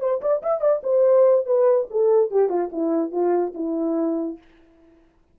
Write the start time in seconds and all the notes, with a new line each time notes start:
0.00 C5
0.21 D5
0.43 E5
0.61 D5
0.83 C5
1.46 B4
1.91 A4
2.31 G4
2.49 F4
2.72 E4
3.12 F4
3.54 E4